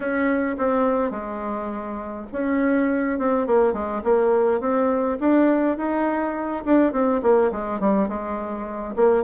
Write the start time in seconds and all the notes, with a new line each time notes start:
0.00 C#4
0.58 C4
1.11 G#3
2.32 C#4
3.18 C4
3.46 A#3
3.73 G#3
4.03 A#3
4.60 C4
5.19 D4
5.77 D#4
6.65 D4
6.92 C4
7.22 A#3
7.51 G#3
7.80 G3
8.08 G#3
8.96 A#3